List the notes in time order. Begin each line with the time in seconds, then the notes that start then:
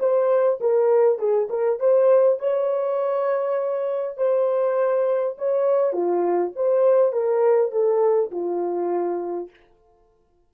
0.00 C5
0.61 A#4
1.19 G#4
1.50 A#4
1.80 C5
2.40 C#5
4.18 C5
5.38 C#5
5.93 F4
6.56 C5
7.13 A#4
7.72 A4
8.32 F4